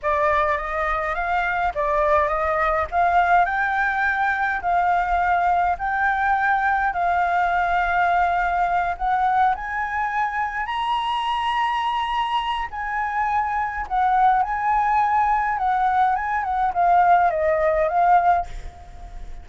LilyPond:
\new Staff \with { instrumentName = "flute" } { \time 4/4 \tempo 4 = 104 d''4 dis''4 f''4 d''4 | dis''4 f''4 g''2 | f''2 g''2 | f''2.~ f''8 fis''8~ |
fis''8 gis''2 ais''4.~ | ais''2 gis''2 | fis''4 gis''2 fis''4 | gis''8 fis''8 f''4 dis''4 f''4 | }